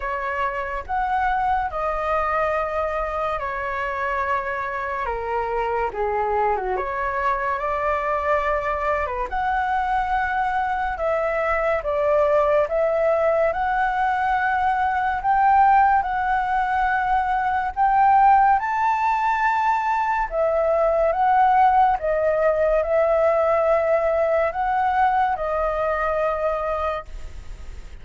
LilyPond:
\new Staff \with { instrumentName = "flute" } { \time 4/4 \tempo 4 = 71 cis''4 fis''4 dis''2 | cis''2 ais'4 gis'8. fis'16 | cis''4 d''4.~ d''16 b'16 fis''4~ | fis''4 e''4 d''4 e''4 |
fis''2 g''4 fis''4~ | fis''4 g''4 a''2 | e''4 fis''4 dis''4 e''4~ | e''4 fis''4 dis''2 | }